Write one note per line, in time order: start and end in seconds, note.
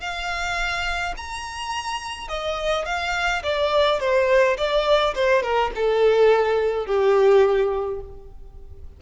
0.00 1.14 F5
1.17 2.28 A#5
2.28 2.85 D#5
2.85 3.42 F5
3.43 4.00 D5
4.00 4.57 C5
4.57 5.14 D5
5.15 5.42 C5
5.42 5.71 A#4
5.75 6.86 A4
6.86 8.00 G4